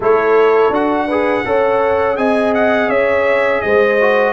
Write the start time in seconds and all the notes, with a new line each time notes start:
0.00 A3 E4 A4 C#5
0.70 D4 F#4 F#5
1.07 G#4 B4
1.45 C#4 A4 C#5
2.16 C4 G#4 D#5 G#5
2.54 F#5
2.88 C#4 C#5 E5
3.61 G#3 C5 D#5
4.00 F#4